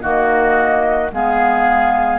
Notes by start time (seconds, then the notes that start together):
0.00 D#3 A#3 F#4 D#5
1.11 G#3 B3 G#4 F5